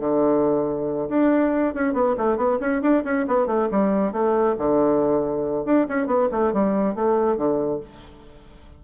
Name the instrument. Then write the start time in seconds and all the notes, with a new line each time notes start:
bassoon
0.00 D3
1.09 D4
1.74 C#4
1.94 B3
2.18 A3
2.37 B3
2.60 C#4
2.82 D4
3.05 C#4
3.27 B3
3.47 A3
3.71 G3
4.12 A3
4.58 D3
5.65 D4
5.89 C#4
6.07 B3
6.31 A3
6.53 G3
6.95 A3
7.37 D3